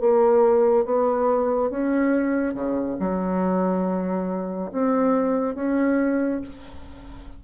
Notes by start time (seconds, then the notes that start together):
0.00 A#3
0.85 B3
1.70 C#4
2.54 C#3
2.99 F#3
4.72 C4
5.55 C#4